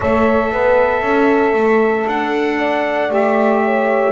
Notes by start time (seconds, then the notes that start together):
0.00 A3 A4 C#5 E5
0.52 B3 B4
1.02 C#4 A4
1.53 A3
2.06 D4 F#5
2.58 D5
3.09 A3 G4 E5
3.64 C#5